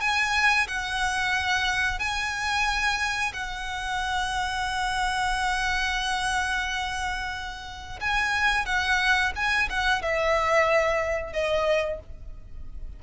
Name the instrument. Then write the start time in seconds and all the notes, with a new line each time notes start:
violin
0.00 G#5
0.67 F#5
1.99 G#5
3.33 F#5
8.00 G#5
8.65 F#5
9.35 G#5
9.69 F#5
10.02 E5
11.33 D#5